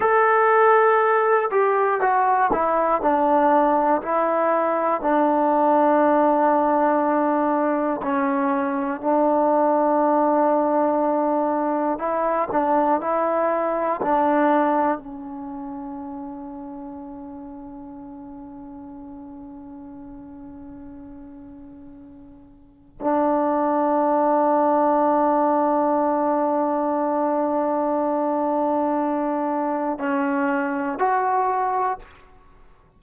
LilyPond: \new Staff \with { instrumentName = "trombone" } { \time 4/4 \tempo 4 = 60 a'4. g'8 fis'8 e'8 d'4 | e'4 d'2. | cis'4 d'2. | e'8 d'8 e'4 d'4 cis'4~ |
cis'1~ | cis'2. d'4~ | d'1~ | d'2 cis'4 fis'4 | }